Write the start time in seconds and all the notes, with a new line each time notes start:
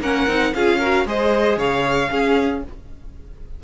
0.00 A#3 C#4 A#4 F#5
0.27 C4 D#4
0.54 C#4 F4 G#4 F5
0.79 F#4 A#4
1.05 G#3 G#4 C5 D#5
1.57 C#3 C#5 F5
2.10 C#4 G#4